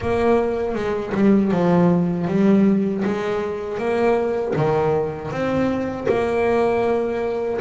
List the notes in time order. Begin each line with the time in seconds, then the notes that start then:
0.00 A#3
0.75 G#3
1.14 G3
1.51 F3
2.27 G3
3.04 G#3
3.78 A#3
4.56 D#3
5.31 C4
6.08 A#3